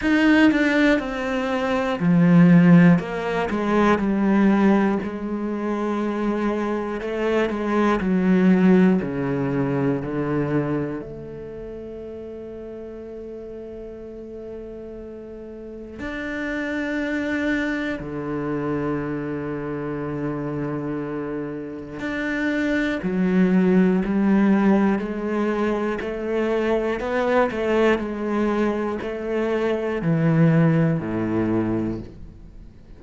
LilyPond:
\new Staff \with { instrumentName = "cello" } { \time 4/4 \tempo 4 = 60 dis'8 d'8 c'4 f4 ais8 gis8 | g4 gis2 a8 gis8 | fis4 cis4 d4 a4~ | a1 |
d'2 d2~ | d2 d'4 fis4 | g4 gis4 a4 b8 a8 | gis4 a4 e4 a,4 | }